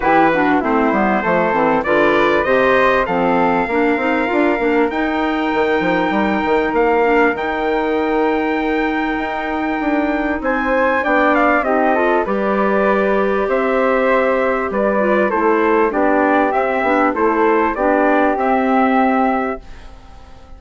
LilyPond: <<
  \new Staff \with { instrumentName = "trumpet" } { \time 4/4 \tempo 4 = 98 b'4 c''2 d''4 | dis''4 f''2. | g''2. f''4 | g''1~ |
g''4 gis''4 g''8 f''8 dis''4 | d''2 e''2 | d''4 c''4 d''4 e''4 | c''4 d''4 e''2 | }
  \new Staff \with { instrumentName = "flute" } { \time 4/4 g'8 fis'8 e'4 a'4 b'4 | c''4 a'4 ais'2~ | ais'1~ | ais'1~ |
ais'4 c''4 d''4 g'8 a'8 | b'2 c''2 | b'4 a'4 g'2 | a'4 g'2. | }
  \new Staff \with { instrumentName = "clarinet" } { \time 4/4 e'8 d'8 c'8 b8 a8 c'8 f'4 | g'4 c'4 d'8 dis'8 f'8 d'8 | dis'2.~ dis'8 d'8 | dis'1~ |
dis'2 d'4 dis'8 f'8 | g'1~ | g'8 f'8 e'4 d'4 c'8 d'8 | e'4 d'4 c'2 | }
  \new Staff \with { instrumentName = "bassoon" } { \time 4/4 e4 a8 g8 f8 e8 d4 | c4 f4 ais8 c'8 d'8 ais8 | dis'4 dis8 f8 g8 dis8 ais4 | dis2. dis'4 |
d'4 c'4 b4 c'4 | g2 c'2 | g4 a4 b4 c'8 b8 | a4 b4 c'2 | }
>>